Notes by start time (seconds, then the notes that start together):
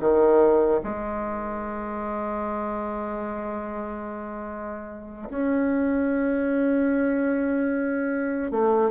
0.00 D#3
0.83 G#3
5.30 C#4
8.51 A3